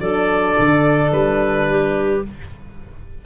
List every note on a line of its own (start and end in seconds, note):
0.00 0.56 F#3
0.00 2.23 D4
0.00 1.68 A4
0.00 1.12 D5
0.59 1.12 D3
1.12 2.23 G3
1.12 2.23 B4
1.70 2.26 G4